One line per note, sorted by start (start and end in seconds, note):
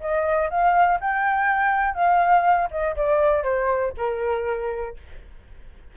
0.00 0.50 D#5
0.50 1.00 F5
1.01 1.95 G5
1.95 2.69 F5
2.71 2.96 D#5
2.96 3.43 D5
3.43 3.93 C5
3.97 4.96 A#4